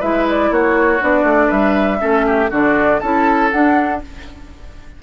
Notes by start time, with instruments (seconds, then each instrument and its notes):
0.00 bassoon G#3, clarinet E4, oboe B4, flute E5
0.30 flute D5
0.51 bassoon A#3, oboe F#4, flute C#5
1.00 bassoon B3, clarinet D4, flute D5
1.24 bassoon A3
1.48 bassoon G3, oboe B4, flute E5
1.99 bassoon A3, clarinet C#4, oboe A4
2.27 oboe G4
2.51 bassoon D3, clarinet D4, oboe F#4, flute D5
3.00 bassoon C#4, clarinet E4, oboe A4, flute A5
3.51 clarinet D4, bassoon D4, flute F#5